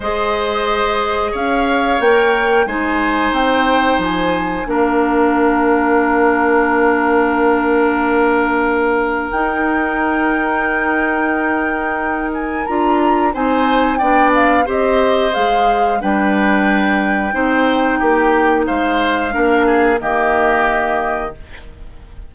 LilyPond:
<<
  \new Staff \with { instrumentName = "flute" } { \time 4/4 \tempo 4 = 90 dis''2 f''4 g''4 | gis''4 g''4 gis''4 f''4~ | f''1~ | f''2 g''2~ |
g''2~ g''8 gis''8 ais''4 | gis''4 g''8 f''8 dis''4 f''4 | g''1 | f''2 dis''2 | }
  \new Staff \with { instrumentName = "oboe" } { \time 4/4 c''2 cis''2 | c''2. ais'4~ | ais'1~ | ais'1~ |
ais'1 | c''4 d''4 c''2 | b'2 c''4 g'4 | c''4 ais'8 gis'8 g'2 | }
  \new Staff \with { instrumentName = "clarinet" } { \time 4/4 gis'2. ais'4 | dis'2. d'4~ | d'1~ | d'2 dis'2~ |
dis'2. f'4 | dis'4 d'4 g'4 gis'4 | d'2 dis'2~ | dis'4 d'4 ais2 | }
  \new Staff \with { instrumentName = "bassoon" } { \time 4/4 gis2 cis'4 ais4 | gis4 c'4 f4 ais4~ | ais1~ | ais2 dis'2~ |
dis'2. d'4 | c'4 b4 c'4 gis4 | g2 c'4 ais4 | gis4 ais4 dis2 | }
>>